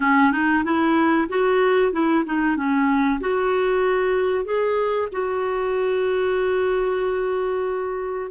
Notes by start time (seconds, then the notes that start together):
0.00 C#4
0.32 D#4
0.64 E4
1.28 F#4
1.92 E4
2.25 D#4
2.56 C#4
3.20 F#4
4.44 G#4
5.12 F#4